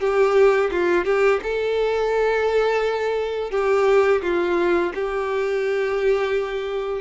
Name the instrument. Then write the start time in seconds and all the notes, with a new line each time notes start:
violin
0.00 G4
0.71 F4
1.05 G4
1.43 A4
3.51 G4
4.23 F4
4.95 G4